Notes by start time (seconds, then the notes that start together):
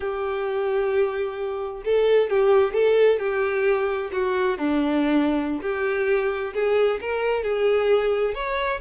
0.00 G4
1.84 A4
2.30 G4
2.73 A4
3.19 G4
4.12 F#4
4.58 D4
5.62 G4
6.54 G#4
7.01 A#4
7.43 G#4
8.34 C#5